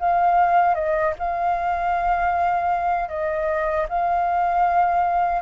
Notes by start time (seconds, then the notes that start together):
0.00 F5
0.75 D#5
1.19 F5
3.09 D#5
3.89 F5